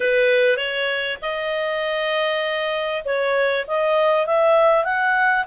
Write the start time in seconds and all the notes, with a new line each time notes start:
0.00 B4
0.56 C#5
1.21 D#5
3.04 C#5
3.67 D#5
4.26 E5
4.84 F#5